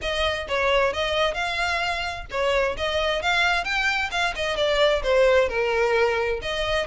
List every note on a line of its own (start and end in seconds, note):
0.01 0.47 D#5
0.48 0.93 C#5
0.93 1.34 D#5
1.34 2.25 F5
2.30 2.76 C#5
2.77 3.22 D#5
3.22 3.64 F5
3.64 4.10 G5
4.11 4.34 F5
4.35 4.56 D#5
4.56 5.02 D5
5.03 5.49 C5
5.49 6.40 A#4
6.42 6.86 D#5